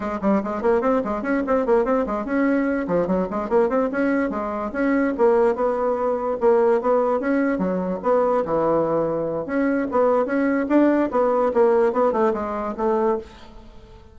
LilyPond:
\new Staff \with { instrumentName = "bassoon" } { \time 4/4 \tempo 4 = 146 gis8 g8 gis8 ais8 c'8 gis8 cis'8 c'8 | ais8 c'8 gis8 cis'4. f8 fis8 | gis8 ais8 c'8 cis'4 gis4 cis'8~ | cis'8 ais4 b2 ais8~ |
ais8 b4 cis'4 fis4 b8~ | b8 e2~ e8 cis'4 | b4 cis'4 d'4 b4 | ais4 b8 a8 gis4 a4 | }